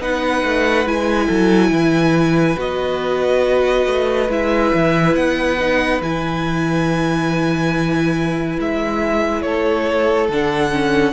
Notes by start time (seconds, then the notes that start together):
0.00 B3 D#4 B4 F#5
0.43 A3
0.86 G#3 E4 G#5
1.26 F#3 A4
1.71 E3 B4
2.57 B3 F#4 D#5
3.86 A3
4.29 G#3 E4 E5
4.74 E3
5.15 B3 F#5
5.59 D#4
6.01 E3 E4 G#5
8.59 G#3 E5
9.42 A3 A4 C#5
10.29 D3 D4 F#5
10.72 C#4